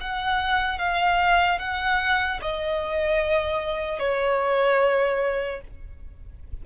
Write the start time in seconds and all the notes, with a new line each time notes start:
0.00 F#5
0.78 F5
1.58 F#5
2.41 D#5
3.99 C#5